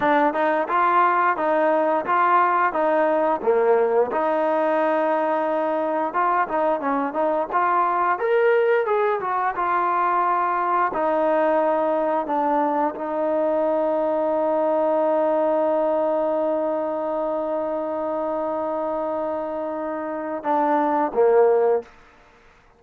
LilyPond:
\new Staff \with { instrumentName = "trombone" } { \time 4/4 \tempo 4 = 88 d'8 dis'8 f'4 dis'4 f'4 | dis'4 ais4 dis'2~ | dis'4 f'8 dis'8 cis'8 dis'8 f'4 | ais'4 gis'8 fis'8 f'2 |
dis'2 d'4 dis'4~ | dis'1~ | dis'1~ | dis'2 d'4 ais4 | }